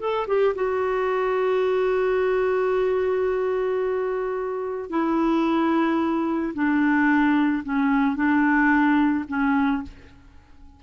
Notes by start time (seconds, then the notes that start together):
0.00 A4
0.28 G4
0.55 F#4
4.90 E4
6.54 D4
7.64 C#4
8.16 D4
9.28 C#4